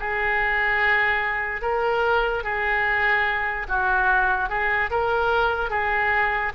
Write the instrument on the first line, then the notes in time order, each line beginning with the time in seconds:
oboe
0.00 G#4
1.62 A#4
2.44 G#4
3.69 F#4
4.49 G#4
4.91 A#4
5.70 G#4